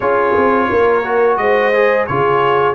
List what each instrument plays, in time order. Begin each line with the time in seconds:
0.00 tuba C#4, trombone F4, horn G#4, trumpet C#5
0.36 tuba C4
0.70 tuba A#3, horn A#4
1.03 trombone F#4
1.36 tuba G#3, horn C5, trumpet D#5
1.73 trombone G#4
2.06 tuba C#3, trombone F4, horn G#4, trumpet C#5